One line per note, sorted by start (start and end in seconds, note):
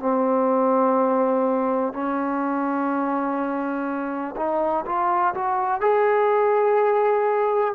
0.00 1.94 C4
1.94 4.35 C#4
4.37 4.85 D#4
4.86 5.34 F4
5.35 5.82 F#4
5.82 7.75 G#4